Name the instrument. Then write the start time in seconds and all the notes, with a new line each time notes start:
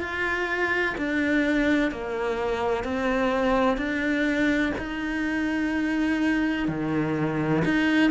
cello
0.00 F4
0.97 D4
1.91 A#3
2.84 C4
3.77 D4
4.78 D#4
6.68 D#3
7.65 D#4